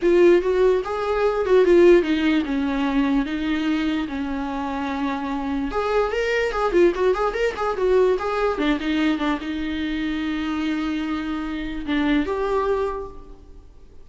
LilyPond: \new Staff \with { instrumentName = "viola" } { \time 4/4 \tempo 4 = 147 f'4 fis'4 gis'4. fis'8 | f'4 dis'4 cis'2 | dis'2 cis'2~ | cis'2 gis'4 ais'4 |
gis'8 f'8 fis'8 gis'8 ais'8 gis'8 fis'4 | gis'4 d'8 dis'4 d'8 dis'4~ | dis'1~ | dis'4 d'4 g'2 | }